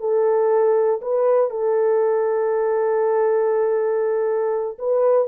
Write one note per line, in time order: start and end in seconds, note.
0.00 1.01 A4
1.02 1.50 B4
1.50 4.78 A4
4.79 5.28 B4